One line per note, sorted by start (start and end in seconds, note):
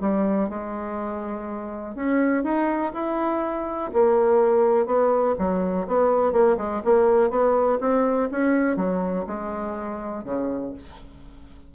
0.00 0.49 G3
0.49 1.95 G#3
1.95 2.43 C#4
2.43 2.92 D#4
2.93 3.90 E4
3.93 4.85 A#3
4.85 5.34 B3
5.38 5.86 F#3
5.87 6.32 B3
6.32 6.56 A#3
6.57 6.81 G#3
6.84 7.30 A#3
7.30 7.78 B3
7.80 8.29 C4
8.31 8.76 C#4
8.76 9.25 F#3
9.26 10.23 G#3
10.23 10.72 C#3